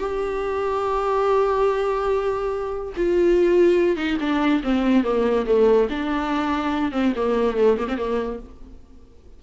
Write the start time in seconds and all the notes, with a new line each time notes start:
0.00 G4
2.97 F4
3.97 D#4
4.21 D4
4.64 C4
5.04 A#3
5.47 A3
5.90 D4
6.92 C4
7.16 A#3
7.57 A3
7.78 A#3
7.88 C4
7.98 A#3